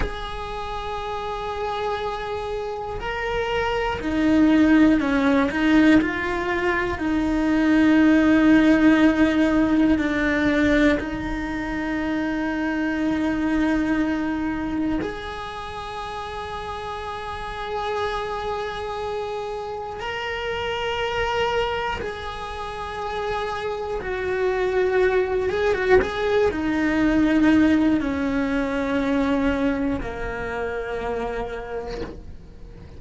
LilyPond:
\new Staff \with { instrumentName = "cello" } { \time 4/4 \tempo 4 = 60 gis'2. ais'4 | dis'4 cis'8 dis'8 f'4 dis'4~ | dis'2 d'4 dis'4~ | dis'2. gis'4~ |
gis'1 | ais'2 gis'2 | fis'4. gis'16 fis'16 gis'8 dis'4. | cis'2 ais2 | }